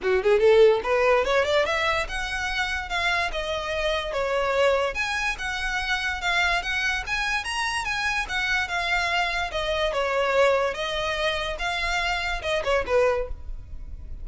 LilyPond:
\new Staff \with { instrumentName = "violin" } { \time 4/4 \tempo 4 = 145 fis'8 gis'8 a'4 b'4 cis''8 d''8 | e''4 fis''2 f''4 | dis''2 cis''2 | gis''4 fis''2 f''4 |
fis''4 gis''4 ais''4 gis''4 | fis''4 f''2 dis''4 | cis''2 dis''2 | f''2 dis''8 cis''8 b'4 | }